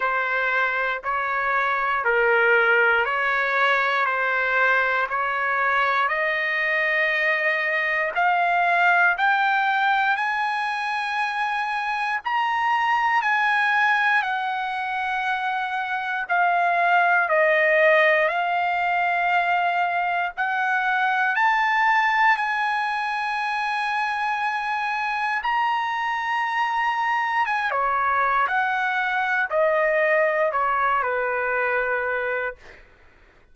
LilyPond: \new Staff \with { instrumentName = "trumpet" } { \time 4/4 \tempo 4 = 59 c''4 cis''4 ais'4 cis''4 | c''4 cis''4 dis''2 | f''4 g''4 gis''2 | ais''4 gis''4 fis''2 |
f''4 dis''4 f''2 | fis''4 a''4 gis''2~ | gis''4 ais''2 gis''16 cis''8. | fis''4 dis''4 cis''8 b'4. | }